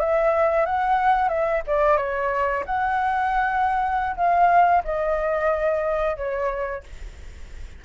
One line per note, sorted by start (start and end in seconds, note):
0.00 0.66 E5
0.66 1.28 F#5
1.28 1.62 E5
1.67 1.97 D5
1.97 2.64 C#5
2.66 4.16 F#5
4.16 4.83 F5
4.84 6.17 D#5
6.17 6.83 C#5